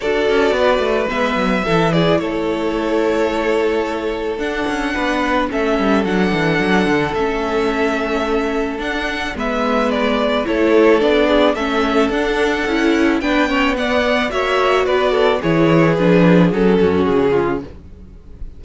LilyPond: <<
  \new Staff \with { instrumentName = "violin" } { \time 4/4 \tempo 4 = 109 d''2 e''4. d''8 | cis''1 | fis''2 e''4 fis''4~ | fis''4 e''2. |
fis''4 e''4 d''4 cis''4 | d''4 e''4 fis''2 | g''4 fis''4 e''4 d''4 | cis''4 b'4 a'4 gis'4 | }
  \new Staff \with { instrumentName = "violin" } { \time 4/4 a'4 b'2 a'8 gis'8 | a'1~ | a'4 b'4 a'2~ | a'1~ |
a'4 b'2 a'4~ | a'8 gis'8 a'2. | b'8 cis''8 d''4 cis''4 b'8 a'8 | gis'2~ gis'8 fis'4 f'8 | }
  \new Staff \with { instrumentName = "viola" } { \time 4/4 fis'2 b4 e'4~ | e'1 | d'2 cis'4 d'4~ | d'4 cis'2. |
d'4 b2 e'4 | d'4 cis'4 d'4 e'4 | d'8 cis'8 b4 fis'2 | e'4 d'4 cis'2 | }
  \new Staff \with { instrumentName = "cello" } { \time 4/4 d'8 cis'8 b8 a8 gis8 fis8 e4 | a1 | d'8 cis'8 b4 a8 g8 fis8 e8 | fis8 d8 a2. |
d'4 gis2 a4 | b4 a4 d'4 cis'4 | b2 ais4 b4 | e4 f4 fis8 fis,8 cis4 | }
>>